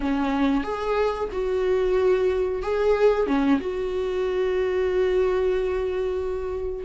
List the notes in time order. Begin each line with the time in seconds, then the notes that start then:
0.00 C#4
0.63 G#4
1.32 F#4
2.62 G#4
3.26 C#4
3.60 F#4